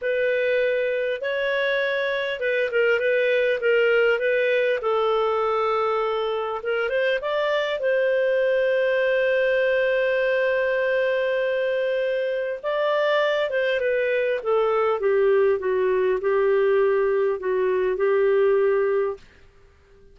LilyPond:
\new Staff \with { instrumentName = "clarinet" } { \time 4/4 \tempo 4 = 100 b'2 cis''2 | b'8 ais'8 b'4 ais'4 b'4 | a'2. ais'8 c''8 | d''4 c''2.~ |
c''1~ | c''4 d''4. c''8 b'4 | a'4 g'4 fis'4 g'4~ | g'4 fis'4 g'2 | }